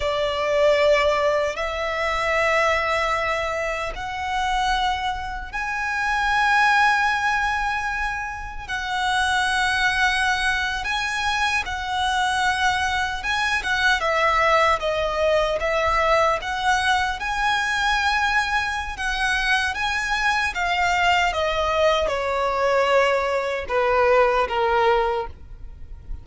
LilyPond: \new Staff \with { instrumentName = "violin" } { \time 4/4 \tempo 4 = 76 d''2 e''2~ | e''4 fis''2 gis''4~ | gis''2. fis''4~ | fis''4.~ fis''16 gis''4 fis''4~ fis''16~ |
fis''8. gis''8 fis''8 e''4 dis''4 e''16~ | e''8. fis''4 gis''2~ gis''16 | fis''4 gis''4 f''4 dis''4 | cis''2 b'4 ais'4 | }